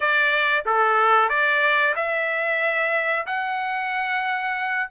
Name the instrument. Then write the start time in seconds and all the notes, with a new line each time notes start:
trumpet
0.00 D5
0.65 A4
1.29 D5
1.95 E5
3.26 F#5